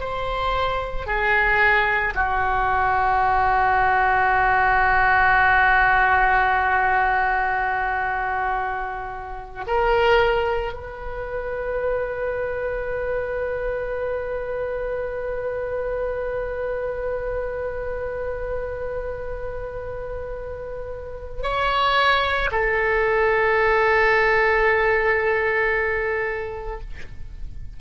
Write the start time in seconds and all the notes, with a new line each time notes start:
0.00 C5
1.07 G#4
2.15 F#4
9.67 A#4
10.73 B4
21.43 C#5
22.52 A4